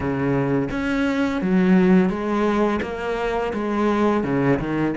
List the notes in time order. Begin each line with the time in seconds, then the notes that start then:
0.00 C#3
0.71 C#4
1.41 F#3
2.09 G#3
2.82 A#3
3.53 G#3
4.23 C#3
4.59 D#3